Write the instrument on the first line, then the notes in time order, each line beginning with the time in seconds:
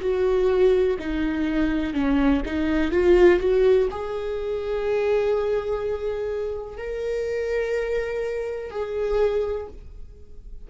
viola
0.00 F#4
0.99 D#4
1.94 C#4
2.45 D#4
2.91 F4
3.39 F#4
3.90 G#4
6.77 A#4
8.71 G#4